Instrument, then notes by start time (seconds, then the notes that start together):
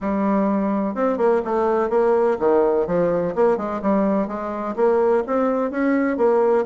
bassoon
0.00 G3
0.95 C4
1.17 A#3
1.45 A3
1.89 A#3
2.39 D#3
2.87 F3
3.35 A#3
3.57 G#3
3.82 G3
4.27 G#3
4.76 A#3
5.26 C4
5.71 C#4
6.17 A#3